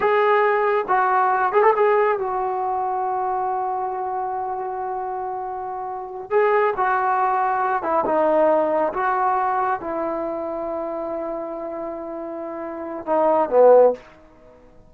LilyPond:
\new Staff \with { instrumentName = "trombone" } { \time 4/4 \tempo 4 = 138 gis'2 fis'4. gis'16 a'16 | gis'4 fis'2.~ | fis'1~ | fis'2~ fis'8 gis'4 fis'8~ |
fis'2 e'8 dis'4.~ | dis'8 fis'2 e'4.~ | e'1~ | e'2 dis'4 b4 | }